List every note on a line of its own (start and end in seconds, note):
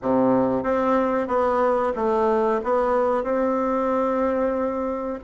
0.01 0.63 C3
0.63 1.27 C4
1.27 1.92 B3
1.95 2.61 A3
2.63 3.23 B3
3.23 5.19 C4